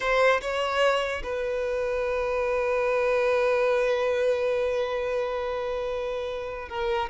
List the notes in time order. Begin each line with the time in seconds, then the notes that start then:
0.00 C5
0.41 C#5
1.23 B4
6.68 A#4